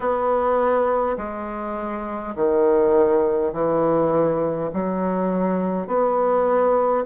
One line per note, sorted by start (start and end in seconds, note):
0.00 1.17 B3
1.17 2.34 G#3
2.35 3.52 D#3
3.52 4.70 E3
4.73 5.87 F#3
5.87 7.04 B3